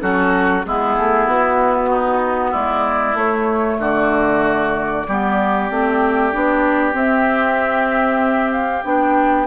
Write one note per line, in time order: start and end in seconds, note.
0.00 0.65 F#3
0.00 0.63 C#4
0.00 0.66 F#4
0.00 0.64 A4
0.64 0.97 G#3
0.64 3.16 B3
0.64 1.89 E4
0.64 1.27 G#4
0.98 1.27 A3
1.27 2.53 B3
1.27 2.53 F#4
1.89 2.51 D#4
2.51 3.14 G#3
2.51 3.77 E4
2.51 3.16 D5
3.14 3.77 A3
3.14 5.05 A3
3.14 3.80 C#5
3.79 5.05 D3
3.79 5.07 F#4
3.79 6.96 D5
5.08 5.71 G3
5.08 5.70 B3
5.08 9.47 G4
5.70 6.34 A3
5.70 6.32 C4
6.32 6.94 B3
6.32 6.93 D4
6.93 8.83 C4
6.93 8.52 E5
8.52 8.83 F5
8.83 9.47 B3
8.83 9.46 D4
8.83 9.47 G5